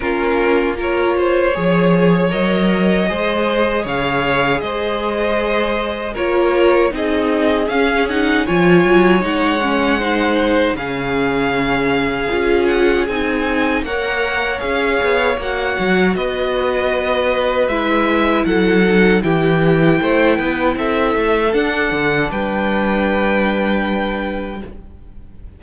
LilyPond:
<<
  \new Staff \with { instrumentName = "violin" } { \time 4/4 \tempo 4 = 78 ais'4 cis''2 dis''4~ | dis''4 f''4 dis''2 | cis''4 dis''4 f''8 fis''8 gis''4 | fis''2 f''2~ |
f''8 fis''8 gis''4 fis''4 f''4 | fis''4 dis''2 e''4 | fis''4 g''2 e''4 | fis''4 g''2. | }
  \new Staff \with { instrumentName = "violin" } { \time 4/4 f'4 ais'8 c''8 cis''2 | c''4 cis''4 c''2 | ais'4 gis'2 cis''4~ | cis''4 c''4 gis'2~ |
gis'2 cis''2~ | cis''4 b'2. | a'4 g'4 c''8 b'8 a'4~ | a'4 b'2. | }
  \new Staff \with { instrumentName = "viola" } { \time 4/4 cis'4 f'4 gis'4 ais'4 | gis'1 | f'4 dis'4 cis'8 dis'8 f'4 | dis'8 cis'8 dis'4 cis'2 |
f'4 dis'4 ais'4 gis'4 | fis'2. e'4~ | e'8 dis'8 e'2. | d'1 | }
  \new Staff \with { instrumentName = "cello" } { \time 4/4 ais2 f4 fis4 | gis4 cis4 gis2 | ais4 c'4 cis'4 f8 fis8 | gis2 cis2 |
cis'4 c'4 ais4 cis'8 b8 | ais8 fis8 b2 gis4 | fis4 e4 a8 b8 c'8 a8 | d'8 d8 g2. | }
>>